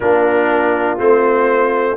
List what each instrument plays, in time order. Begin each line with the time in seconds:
0.00 tuba A#3, trombone D4, horn F4, trumpet A#4
0.98 tuba A3, trombone C4, trumpet C5